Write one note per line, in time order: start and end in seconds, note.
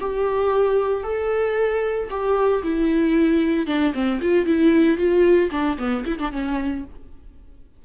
0.00 1.04 G4
1.04 2.09 A4
2.11 2.63 G4
2.63 3.67 E4
3.67 3.93 D4
3.94 4.20 C4
4.22 4.46 F4
4.46 4.98 E4
4.98 5.50 F4
5.51 5.78 D4
5.79 6.05 B3
6.06 6.19 E4
6.19 6.32 D4
6.32 6.85 C#4